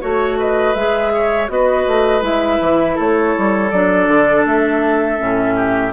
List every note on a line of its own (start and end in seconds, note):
0.00 0.75 A3
0.00 0.74 F#4
0.00 0.37 C#5
0.00 0.38 C#5
0.39 1.13 B4
0.39 0.74 D#5
0.74 1.48 G#3
0.74 1.48 G#4
0.74 1.48 E5
1.14 1.51 C#5
1.48 1.85 B3
1.48 2.21 F#4
1.48 2.95 B4
1.48 2.23 D#5
1.87 2.21 A3
2.21 2.58 G#3
2.21 3.69 E4
2.21 2.98 E5
2.60 2.97 E3
2.95 3.36 A3
2.95 5.54 A4
2.95 3.70 C#5
3.37 3.72 G3
3.70 4.07 F#3
3.70 5.18 D4
3.70 4.44 D5
4.07 4.44 D3
4.45 5.19 A3
4.45 5.93 E5
5.18 5.93 A2
5.18 5.92 C#4
5.55 5.92 G4